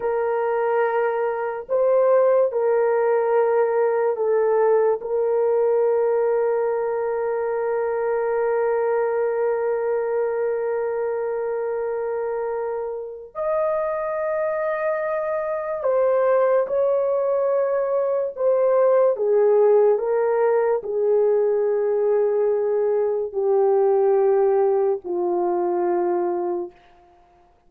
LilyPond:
\new Staff \with { instrumentName = "horn" } { \time 4/4 \tempo 4 = 72 ais'2 c''4 ais'4~ | ais'4 a'4 ais'2~ | ais'1~ | ais'1 |
dis''2. c''4 | cis''2 c''4 gis'4 | ais'4 gis'2. | g'2 f'2 | }